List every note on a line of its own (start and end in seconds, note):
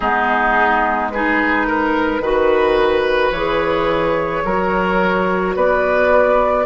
0.00 2.20 G#3
0.00 1.13 B3
0.00 1.11 D#4
0.00 1.09 G#4
1.10 2.22 D#4
1.10 1.67 G#4
1.10 3.31 B4
1.67 2.22 A#4
2.20 3.31 D#3
2.20 3.33 F#4
2.20 4.44 B4
3.31 4.42 E3
3.31 4.45 G#4
3.31 5.53 C#5
4.44 5.55 F#3
4.44 6.65 F#4
4.44 5.55 A#4
5.55 6.65 B3
5.55 6.65 B4
5.55 6.65 D5